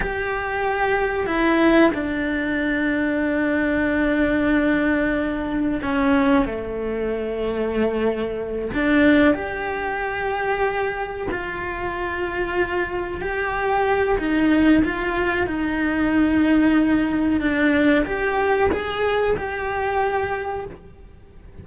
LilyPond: \new Staff \with { instrumentName = "cello" } { \time 4/4 \tempo 4 = 93 g'2 e'4 d'4~ | d'1~ | d'4 cis'4 a2~ | a4. d'4 g'4.~ |
g'4. f'2~ f'8~ | f'8 g'4. dis'4 f'4 | dis'2. d'4 | g'4 gis'4 g'2 | }